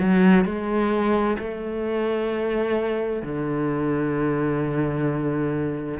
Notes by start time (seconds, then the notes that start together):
0.00 F#3
0.45 G#3
1.39 A3
3.23 D3